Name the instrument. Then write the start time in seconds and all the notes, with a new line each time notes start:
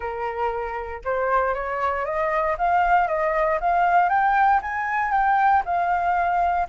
flute
0.00 A#4
1.04 C5
1.54 C#5
2.05 D#5
2.58 F5
3.07 D#5
3.60 F5
4.09 G5
4.62 G#5
5.11 G5
5.65 F5